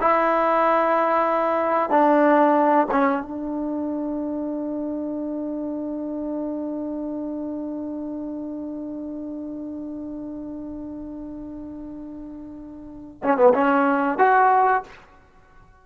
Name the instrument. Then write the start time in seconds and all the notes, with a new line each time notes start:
trombone
0.00 E4
1.90 D4
2.91 C#4
3.22 D4
13.23 C#4
13.37 B3
13.54 C#4
14.18 F#4